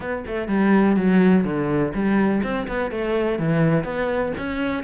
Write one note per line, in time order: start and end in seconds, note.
0.00 0.24 B3
0.26 0.48 A3
0.48 0.96 G3
0.96 1.44 F#3
1.44 1.92 D3
1.94 2.42 G3
2.43 2.67 C4
2.67 2.91 B3
2.91 3.38 A3
3.38 3.84 E3
3.84 4.32 B3
4.37 4.83 C#4